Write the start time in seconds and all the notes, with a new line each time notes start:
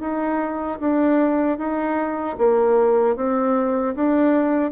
0.00 D#4
0.80 D4
1.58 D#4
2.38 A#3
3.16 C4
3.95 D4